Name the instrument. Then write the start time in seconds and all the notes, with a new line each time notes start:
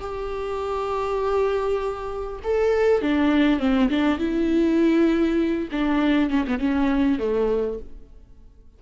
viola
0.00 G4
2.44 A4
3.02 D4
3.59 C4
3.89 D4
4.18 E4
5.71 D4
6.30 C#4
6.47 B3
6.59 C#4
7.19 A3